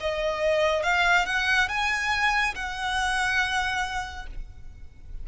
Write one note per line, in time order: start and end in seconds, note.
0.00 0.83 D#5
0.83 1.26 F5
1.26 1.69 F#5
1.69 2.54 G#5
2.55 4.26 F#5